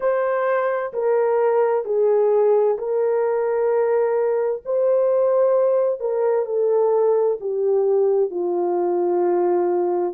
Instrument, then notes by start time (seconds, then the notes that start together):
horn
0.00 C5
0.93 A#4
1.85 G#4
2.77 A#4
4.64 C5
6.00 A#4
6.45 A4
7.40 G4
8.30 F4